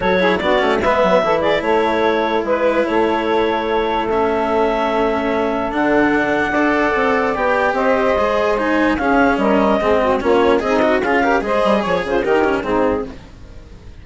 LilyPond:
<<
  \new Staff \with { instrumentName = "clarinet" } { \time 4/4 \tempo 4 = 147 cis''4 d''4 e''4. d''8 | cis''2 b'4 cis''4~ | cis''2 e''2~ | e''2 fis''2~ |
fis''2 g''4 dis''4~ | dis''4 gis''4 f''4 dis''4~ | dis''4 cis''4 dis''4 f''4 | dis''4 cis''8 c''8 ais'4 gis'4 | }
  \new Staff \with { instrumentName = "saxophone" } { \time 4/4 a'8 gis'8 fis'4 b'4 a'8 gis'8 | a'2 b'4 a'4~ | a'1~ | a'1 |
d''2. c''4~ | c''2 gis'4 ais'4 | gis'8 fis'8 f'4 dis'4 gis'8 ais'8 | c''4 cis''8 f'8 g'4 dis'4 | }
  \new Staff \with { instrumentName = "cello" } { \time 4/4 fis'8 e'8 d'8 cis'8 b4 e'4~ | e'1~ | e'2 cis'2~ | cis'2 d'2 |
a'2 g'2 | gis'4 dis'4 cis'2 | c'4 cis'4 gis'8 fis'8 f'8 g'8 | gis'2 dis'8 cis'8 c'4 | }
  \new Staff \with { instrumentName = "bassoon" } { \time 4/4 fis4 b8 a8 gis8 fis8 e4 | a2 gis4 a4~ | a1~ | a2 d2 |
d'4 c'4 b4 c'4 | gis2 cis'4 g4 | gis4 ais4 c'4 cis'4 | gis8 g8 f8 cis8 dis4 gis,4 | }
>>